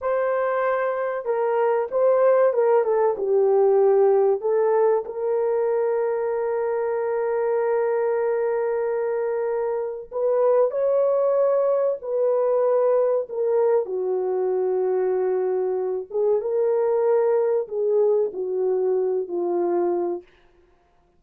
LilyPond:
\new Staff \with { instrumentName = "horn" } { \time 4/4 \tempo 4 = 95 c''2 ais'4 c''4 | ais'8 a'8 g'2 a'4 | ais'1~ | ais'1 |
b'4 cis''2 b'4~ | b'4 ais'4 fis'2~ | fis'4. gis'8 ais'2 | gis'4 fis'4. f'4. | }